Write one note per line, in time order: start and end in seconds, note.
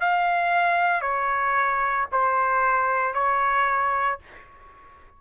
0.00 1.01 F5
1.01 2.06 C#5
2.11 3.14 C5
3.14 4.19 C#5